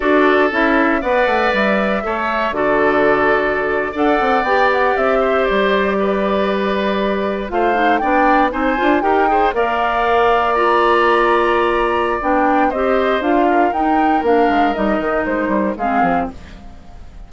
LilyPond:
<<
  \new Staff \with { instrumentName = "flute" } { \time 4/4 \tempo 4 = 118 d''4 e''4 fis''4 e''4~ | e''4 d''2~ d''8. fis''16~ | fis''8. g''8 fis''8 e''4 d''4~ d''16~ | d''2~ d''8. f''4 g''16~ |
g''8. gis''4 g''4 f''4~ f''16~ | f''8. ais''2.~ ais''16 | g''4 dis''4 f''4 g''4 | f''4 dis''4 c''4 f''4 | }
  \new Staff \with { instrumentName = "oboe" } { \time 4/4 a'2 d''2 | cis''4 a'2~ a'8. d''16~ | d''2~ d''16 c''4. b'16~ | b'2~ b'8. c''4 d''16~ |
d''8. c''4 ais'8 c''8 d''4~ d''16~ | d''1~ | d''4 c''4. ais'4.~ | ais'2. gis'4 | }
  \new Staff \with { instrumentName = "clarinet" } { \time 4/4 fis'4 e'4 b'2 | a'4 fis'2~ fis'8. a'16~ | a'8. g'2.~ g'16~ | g'2~ g'8. f'8 dis'8 d'16~ |
d'8. dis'8 f'8 g'8 gis'8 ais'4~ ais'16~ | ais'8. f'2.~ f'16 | d'4 g'4 f'4 dis'4 | d'4 dis'2 c'4 | }
  \new Staff \with { instrumentName = "bassoon" } { \time 4/4 d'4 cis'4 b8 a8 g4 | a4 d2~ d8. d'16~ | d'16 c'8 b4 c'4 g4~ g16~ | g2~ g8. a4 b16~ |
b8. c'8 d'8 dis'4 ais4~ ais16~ | ais1 | b4 c'4 d'4 dis'4 | ais8 gis8 g8 dis8 gis8 g8 gis8 f8 | }
>>